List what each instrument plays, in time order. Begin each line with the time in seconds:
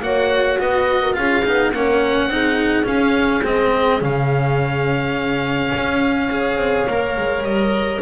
0.00 double bass A#3, cello F#4, horn C#5, oboe F#5
0.59 double bass B3, horn B4, oboe D#5
1.02 horn A#4
1.14 double bass C#4, cello F4, horn G#4, oboe F5
1.45 double bass B3, cello D#4
1.72 double bass A#3, cello C#4, horn A#4, oboe F#5
2.27 double bass C4, cello D#4, horn G#4
2.84 cello C#4, double bass C#4, oboe F5
3.44 double bass G#3, cello C4, oboe D#5
4.00 double bass C#3, cello C#4, oboe F5
5.76 double bass C#4
6.31 cello G#4, horn C#5
6.56 double bass C4
6.87 double bass A#3, cello A#4
7.17 double bass G#3
7.42 double bass G3, oboe D#5